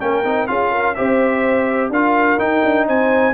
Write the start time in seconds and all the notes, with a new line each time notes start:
0.00 A#3 C#4 A#4 G5
0.24 C4 D#4
0.47 C#4 F4 G#4 F5
0.71 A#4
0.95 C4 G4 C5 E5
1.90 D4 F4 A#4 F5
2.38 D#4 G5
2.64 D4
2.87 C4 C5 G#5